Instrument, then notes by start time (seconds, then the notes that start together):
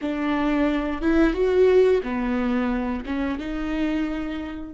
viola
0.01 D4
1.01 E4
1.33 F#4
2.03 B3
3.05 C#4
3.38 D#4